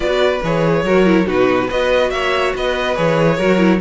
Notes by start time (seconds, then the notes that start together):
0.00 B3 F#4 B4 D5
0.43 E3 G#4 C#5
0.83 F#3 F#4 A#4
1.05 E4
1.25 B2 D#4 F#4 B4
1.67 B3 F#4 B4 D#5
2.10 A#3 C#5 E5
2.55 B3 B4 D#5
2.95 E3 G#4 C#5
3.36 F#3 F#4 A#4
3.58 E4